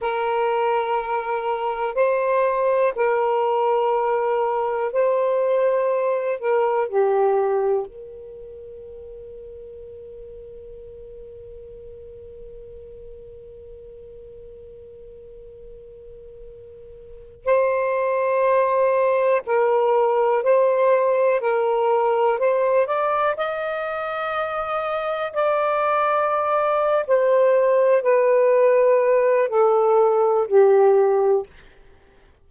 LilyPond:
\new Staff \with { instrumentName = "saxophone" } { \time 4/4 \tempo 4 = 61 ais'2 c''4 ais'4~ | ais'4 c''4. ais'8 g'4 | ais'1~ | ais'1~ |
ais'4.~ ais'16 c''2 ais'16~ | ais'8. c''4 ais'4 c''8 d''8 dis''16~ | dis''4.~ dis''16 d''4.~ d''16 c''8~ | c''8 b'4. a'4 g'4 | }